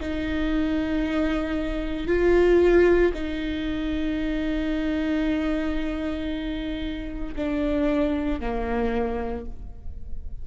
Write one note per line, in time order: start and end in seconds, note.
0.00 2.07 D#4
2.07 3.12 F4
3.13 7.34 D#4
7.35 8.40 D4
8.40 9.45 A#3